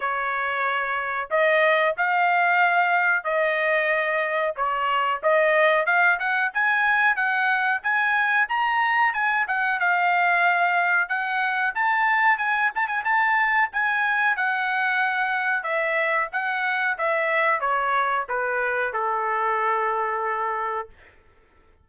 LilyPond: \new Staff \with { instrumentName = "trumpet" } { \time 4/4 \tempo 4 = 92 cis''2 dis''4 f''4~ | f''4 dis''2 cis''4 | dis''4 f''8 fis''8 gis''4 fis''4 | gis''4 ais''4 gis''8 fis''8 f''4~ |
f''4 fis''4 a''4 gis''8 a''16 gis''16 | a''4 gis''4 fis''2 | e''4 fis''4 e''4 cis''4 | b'4 a'2. | }